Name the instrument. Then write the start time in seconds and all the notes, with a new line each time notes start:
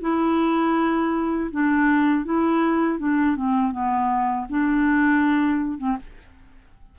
clarinet
0.00 E4
1.51 D4
2.24 E4
2.98 D4
3.35 C4
3.71 B3
4.49 D4
5.77 C4